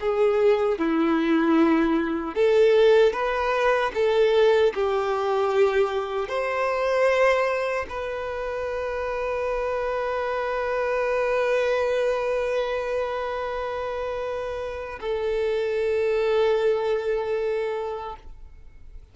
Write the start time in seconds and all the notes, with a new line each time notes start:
0.00 G#4
0.78 E4
2.35 A4
3.12 B4
3.94 A4
4.74 G4
6.28 C5
7.89 B4
15.00 A4